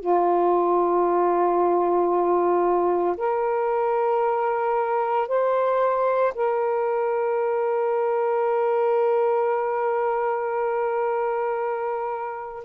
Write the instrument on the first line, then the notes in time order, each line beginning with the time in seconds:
saxophone
0.00 F4
3.18 A#4
5.28 C5
6.35 A#4